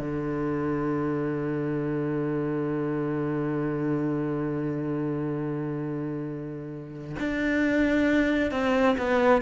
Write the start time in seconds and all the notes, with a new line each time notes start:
0.00 D3
7.20 D4
8.52 C4
8.98 B3